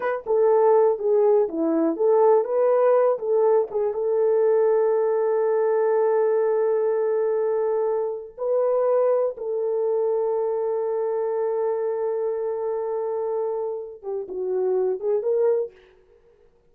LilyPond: \new Staff \with { instrumentName = "horn" } { \time 4/4 \tempo 4 = 122 b'8 a'4. gis'4 e'4 | a'4 b'4. a'4 gis'8 | a'1~ | a'1~ |
a'4 b'2 a'4~ | a'1~ | a'1~ | a'8 g'8 fis'4. gis'8 ais'4 | }